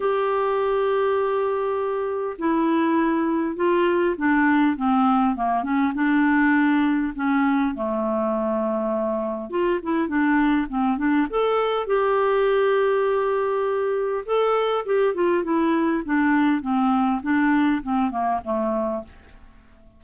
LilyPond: \new Staff \with { instrumentName = "clarinet" } { \time 4/4 \tempo 4 = 101 g'1 | e'2 f'4 d'4 | c'4 ais8 cis'8 d'2 | cis'4 a2. |
f'8 e'8 d'4 c'8 d'8 a'4 | g'1 | a'4 g'8 f'8 e'4 d'4 | c'4 d'4 c'8 ais8 a4 | }